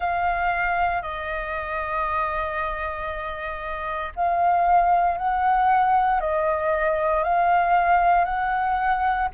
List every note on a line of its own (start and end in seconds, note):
0.00 1.02 F5
1.02 4.12 D#5
4.15 5.17 F5
5.17 6.20 F#5
6.20 7.23 D#5
7.23 8.25 F5
8.25 9.28 F#5